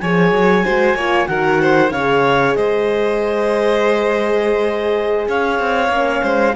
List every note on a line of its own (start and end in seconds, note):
0.00 0.32 F3
0.00 0.65 G#4
0.00 0.65 C#5
0.00 1.27 G#5
0.32 0.64 F#3
0.65 0.95 G#3
0.65 0.97 F#4
0.65 0.96 C5
0.95 1.27 A#3
0.95 1.27 F4
0.95 1.28 C#5
1.27 1.92 D#3
1.27 1.91 F#4
1.27 1.62 A#4
1.27 1.91 F#5
1.62 1.93 C5
1.91 2.55 C#3
1.91 5.91 G#4
1.91 2.57 C#5
1.91 2.55 F5
2.55 5.28 G#3
2.55 5.28 C5
2.55 5.27 D#5
5.28 5.60 C#4
5.28 6.23 C#5
5.28 6.56 F5
5.60 5.89 C4
5.89 6.21 A#3
5.89 6.54 C#4
6.23 6.56 G#3
6.23 6.55 C5